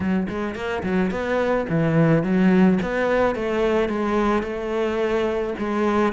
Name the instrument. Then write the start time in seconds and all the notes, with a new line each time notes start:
cello
0.00 F#3
0.28 G#3
0.55 A#3
0.83 F#3
1.11 B3
1.69 E3
2.23 F#3
2.82 B3
3.35 A3
3.89 G#3
4.42 A3
5.58 G#3